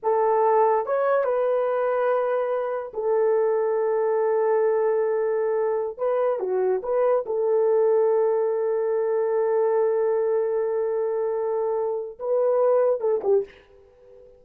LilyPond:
\new Staff \with { instrumentName = "horn" } { \time 4/4 \tempo 4 = 143 a'2 cis''4 b'4~ | b'2. a'4~ | a'1~ | a'2~ a'16 b'4 fis'8.~ |
fis'16 b'4 a'2~ a'8.~ | a'1~ | a'1~ | a'4 b'2 a'8 g'8 | }